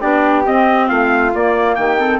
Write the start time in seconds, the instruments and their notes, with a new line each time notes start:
0.00 bassoon B3, clarinet D4, flute G4, trumpet D5
0.44 clarinet C4, bassoon C4, trumpet D#5
0.88 bassoon A3, flute F4, trumpet F5
1.34 clarinet A#3, bassoon A#3, trumpet D5
1.75 bassoon D#3, flute G4, trumpet G5
1.98 clarinet C4, flute A4